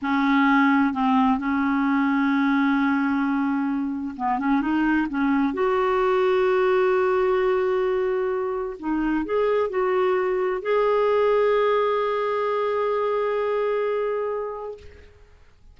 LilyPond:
\new Staff \with { instrumentName = "clarinet" } { \time 4/4 \tempo 4 = 130 cis'2 c'4 cis'4~ | cis'1~ | cis'4 b8 cis'8 dis'4 cis'4 | fis'1~ |
fis'2. dis'4 | gis'4 fis'2 gis'4~ | gis'1~ | gis'1 | }